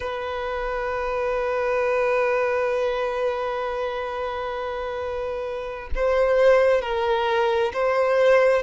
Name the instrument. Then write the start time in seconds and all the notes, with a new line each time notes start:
violin
0.00 B4
5.95 C5
6.81 A#4
7.73 C5